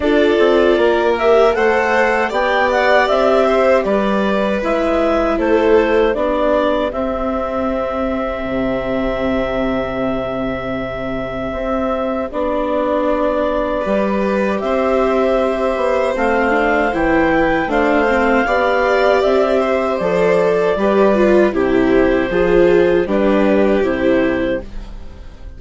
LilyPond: <<
  \new Staff \with { instrumentName = "clarinet" } { \time 4/4 \tempo 4 = 78 d''4. e''8 fis''4 g''8 fis''8 | e''4 d''4 e''4 c''4 | d''4 e''2.~ | e''1 |
d''2. e''4~ | e''4 f''4 g''4 f''4~ | f''4 e''4 d''2 | c''2 b'4 c''4 | }
  \new Staff \with { instrumentName = "violin" } { \time 4/4 a'4 ais'4 c''4 d''4~ | d''8 c''8 b'2 a'4 | g'1~ | g'1~ |
g'2 b'4 c''4~ | c''2~ c''8 b'8 c''4 | d''4. c''4. b'4 | g'4 gis'4 g'2 | }
  \new Staff \with { instrumentName = "viola" } { \time 4/4 f'4. g'8 a'4 g'4~ | g'2 e'2 | d'4 c'2.~ | c'1 |
d'2 g'2~ | g'4 c'8 d'8 e'4 d'8 c'8 | g'2 a'4 g'8 f'8 | e'4 f'4 d'4 e'4 | }
  \new Staff \with { instrumentName = "bassoon" } { \time 4/4 d'8 c'8 ais4 a4 b4 | c'4 g4 gis4 a4 | b4 c'2 c4~ | c2. c'4 |
b2 g4 c'4~ | c'8 b8 a4 e4 a4 | b4 c'4 f4 g4 | c4 f4 g4 c4 | }
>>